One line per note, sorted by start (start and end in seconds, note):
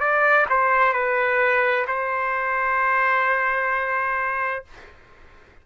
0.00 0.46 D5
0.49 0.93 C5
0.93 1.85 B4
1.87 4.64 C5